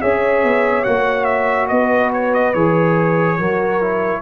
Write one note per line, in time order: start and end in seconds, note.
0.00 0.43 C#4
0.00 0.85 G#4
0.00 1.70 C#5
0.00 0.83 E5
0.43 0.85 B3
0.83 1.70 A#3
0.83 2.54 F#4
0.83 1.24 F#5
1.24 1.66 E5
1.68 2.54 B3
1.68 3.38 B4
1.68 2.10 D#5
2.13 2.34 C#5
2.34 2.53 D#5
2.53 3.39 E3
2.53 3.39 G#4
2.53 4.21 C#5
3.38 4.21 F#3
3.38 3.81 F#4
3.38 4.21 A#4
3.81 4.21 E4